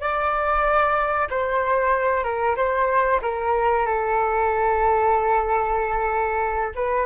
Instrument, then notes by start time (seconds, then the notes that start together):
flute
0.00 D5
1.29 C5
2.23 A#4
2.56 C5
3.22 A#4
3.86 A4
6.75 B4